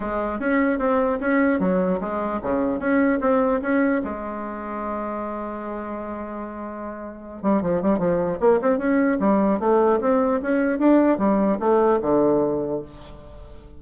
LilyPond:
\new Staff \with { instrumentName = "bassoon" } { \time 4/4 \tempo 4 = 150 gis4 cis'4 c'4 cis'4 | fis4 gis4 cis4 cis'4 | c'4 cis'4 gis2~ | gis1~ |
gis2~ gis8 g8 f8 g8 | f4 ais8 c'8 cis'4 g4 | a4 c'4 cis'4 d'4 | g4 a4 d2 | }